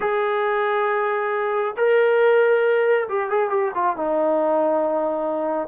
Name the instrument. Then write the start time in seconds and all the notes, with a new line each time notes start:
trombone
0.00 G#4
1.76 A#4
3.09 G4
3.30 G#4
3.49 G4
3.74 F4
3.96 D#4